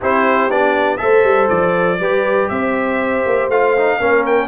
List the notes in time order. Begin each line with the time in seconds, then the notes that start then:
0.00 C4 E4 G4 C5
0.49 B3 D4 D5
0.97 A3 A4 C5 E5
1.24 G3
1.48 F3 D5
1.99 G3 G4 B4
2.49 C4 C5 E5
3.26 A#3
3.48 A3 F4 F5
3.77 D#4
3.99 A#3 C#4 A#4
4.26 G5